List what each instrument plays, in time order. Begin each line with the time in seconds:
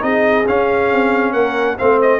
0.00 tuba C4, trombone D#4, horn G#4, trumpet D#5
0.46 trombone C#4, tuba C#4, trumpet F5
0.92 tuba C4
1.33 tuba A#3, horn A#4, trumpet F#5
1.78 tuba A3, trombone C4, horn C5, trumpet F5
2.01 trumpet D#5